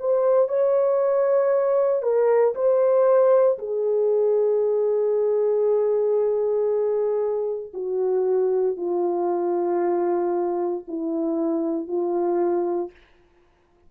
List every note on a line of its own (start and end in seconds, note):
0.00 0.48 C5
0.48 2.03 C#5
2.03 2.54 A#4
2.55 3.58 C5
3.58 7.72 G#4
7.74 8.77 F#4
8.77 10.84 F4
10.88 11.87 E4
11.87 12.91 F4